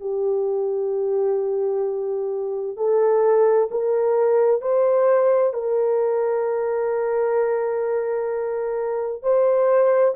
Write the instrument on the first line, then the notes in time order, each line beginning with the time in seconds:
horn
0.00 G4
2.77 A4
3.71 A#4
4.62 C5
5.53 A#4
9.23 C5